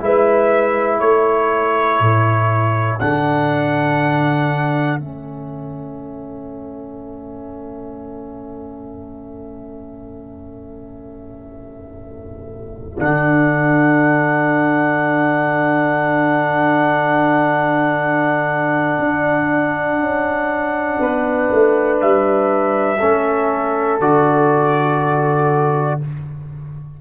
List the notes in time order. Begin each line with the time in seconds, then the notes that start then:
0.00 G#3 E4 B4 E5
1.00 A3 A4 C#5
2.00 A2
3.00 D3 D4 F#5
4.99 A3 C#4 E5
12.97 D3 D4 F#5
18.99 D4
19.99 C#4
21.00 B3 B4
21.53 A3
22.01 G3 E5
22.99 A3 C#4 A4
24.00 D3 F#4 D5